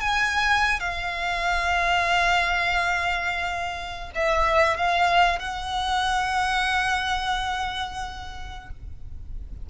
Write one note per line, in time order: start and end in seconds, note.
0.00 0.80 G#5
0.80 4.11 F5
4.15 4.77 E5
4.77 5.38 F5
5.38 8.70 F#5